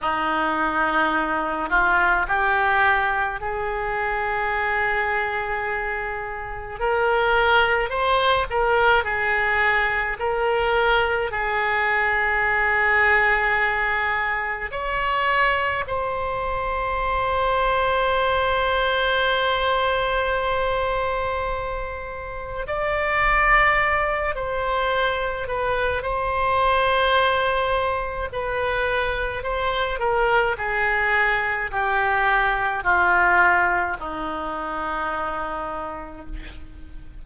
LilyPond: \new Staff \with { instrumentName = "oboe" } { \time 4/4 \tempo 4 = 53 dis'4. f'8 g'4 gis'4~ | gis'2 ais'4 c''8 ais'8 | gis'4 ais'4 gis'2~ | gis'4 cis''4 c''2~ |
c''1 | d''4. c''4 b'8 c''4~ | c''4 b'4 c''8 ais'8 gis'4 | g'4 f'4 dis'2 | }